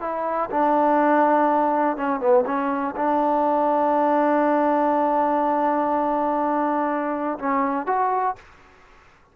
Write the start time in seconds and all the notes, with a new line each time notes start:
0.00 E4
0.50 D4
1.96 C#4
2.20 B3
2.45 C#4
2.96 D4
7.38 C#4
7.86 F#4